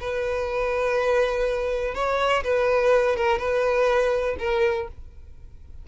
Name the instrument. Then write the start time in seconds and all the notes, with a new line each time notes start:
violin
0.00 B4
1.95 C#5
2.44 B4
3.16 A#4
3.39 B4
4.39 A#4